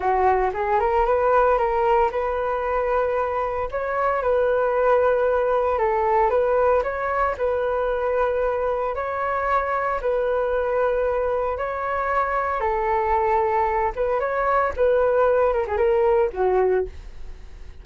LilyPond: \new Staff \with { instrumentName = "flute" } { \time 4/4 \tempo 4 = 114 fis'4 gis'8 ais'8 b'4 ais'4 | b'2. cis''4 | b'2. a'4 | b'4 cis''4 b'2~ |
b'4 cis''2 b'4~ | b'2 cis''2 | a'2~ a'8 b'8 cis''4 | b'4. ais'16 gis'16 ais'4 fis'4 | }